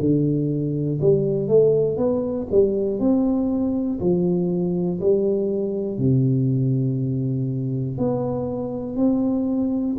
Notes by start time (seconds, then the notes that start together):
0.00 D3
1.01 G3
1.48 A3
1.97 B3
2.51 G3
3.00 C4
4.00 F3
5.00 G3
5.99 C3
7.98 B3
8.96 C4